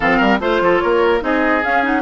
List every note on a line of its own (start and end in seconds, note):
0.00 0.20 F3
0.00 0.40 C4
0.00 0.17 A4
0.00 0.39 F5
0.17 0.40 G3
0.17 0.38 A#4
0.40 0.60 A3
0.40 1.20 F4
0.40 0.79 C5
0.40 0.62 C5
0.60 0.80 F3
0.60 0.83 A4
0.79 1.22 A#3
0.79 1.23 A#4
0.79 1.20 C#5
1.20 1.63 C4
1.20 1.61 D#4
1.20 2.02 G#4
1.20 1.64 D#5
1.64 2.02 C#4
1.64 1.83 C#4
1.64 1.84 F5
1.83 2.02 D#4
1.83 2.02 F#5